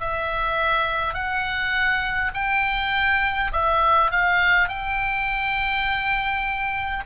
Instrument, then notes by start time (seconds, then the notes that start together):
oboe
0.00 E5
1.14 F#5
2.35 G5
3.53 E5
4.12 F5
4.68 G5